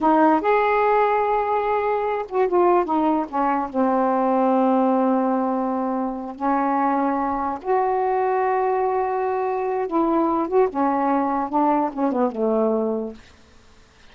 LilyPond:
\new Staff \with { instrumentName = "saxophone" } { \time 4/4 \tempo 4 = 146 dis'4 gis'2.~ | gis'4. fis'8 f'4 dis'4 | cis'4 c'2.~ | c'2.~ c'8 cis'8~ |
cis'2~ cis'8 fis'4.~ | fis'1 | e'4. fis'8 cis'2 | d'4 cis'8 b8 a2 | }